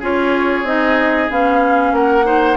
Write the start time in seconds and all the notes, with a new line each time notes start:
0.00 C#4 F4 G#4 C#5
0.64 C4 D#4 D#5
1.30 B3 C#4 F5
1.92 A#3 A#4 F#5
2.24 D#4 C5